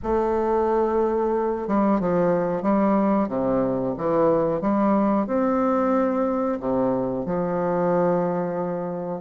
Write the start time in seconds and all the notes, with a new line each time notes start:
0.02 A3
1.67 G3
2.00 F3
2.62 G3
3.28 C3
3.97 E3
4.61 G3
5.26 C4
6.60 C3
7.25 F3